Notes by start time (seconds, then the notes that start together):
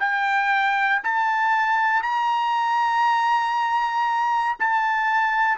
0.00 G5
1.04 A5
2.03 A#5
4.59 A5